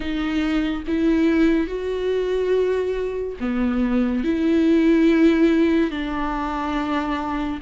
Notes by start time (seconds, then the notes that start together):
0.00 D#4
0.87 E4
1.67 F#4
3.40 B3
4.23 E4
5.90 D4